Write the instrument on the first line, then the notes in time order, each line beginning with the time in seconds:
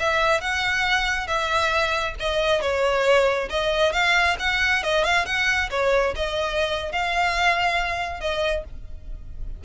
violin
0.00 E5
0.41 F#5
1.27 E5
2.20 D#5
2.62 C#5
3.50 D#5
3.93 F5
4.40 F#5
4.84 D#5
5.04 F5
5.26 F#5
5.71 C#5
6.16 D#5
6.92 F5
8.21 D#5